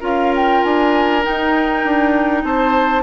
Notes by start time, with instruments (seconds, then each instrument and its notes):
0.00 bassoon C#4, clarinet F4, oboe A#4, flute F5
0.35 flute G5
0.63 bassoon D4, flute G#5
1.23 clarinet D#4, flute G5
1.29 bassoon D#4
1.85 bassoon D4
2.43 bassoon C4, oboe C5, flute A5